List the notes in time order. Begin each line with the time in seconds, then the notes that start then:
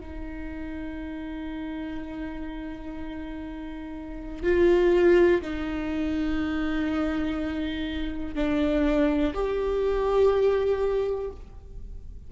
0.00 D#4
4.43 F4
5.41 D#4
8.35 D4
9.34 G4